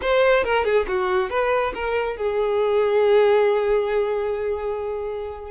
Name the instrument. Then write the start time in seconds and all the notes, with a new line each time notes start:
violin
0.01 C5
0.43 A#4
0.64 G#4
0.87 F#4
1.30 B4
1.74 A#4
2.17 G#4